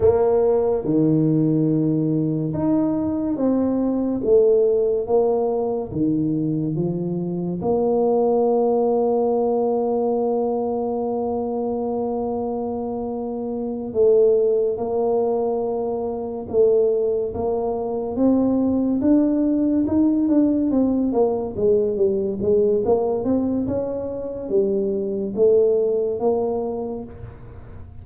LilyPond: \new Staff \with { instrumentName = "tuba" } { \time 4/4 \tempo 4 = 71 ais4 dis2 dis'4 | c'4 a4 ais4 dis4 | f4 ais2.~ | ais1~ |
ais8 a4 ais2 a8~ | a8 ais4 c'4 d'4 dis'8 | d'8 c'8 ais8 gis8 g8 gis8 ais8 c'8 | cis'4 g4 a4 ais4 | }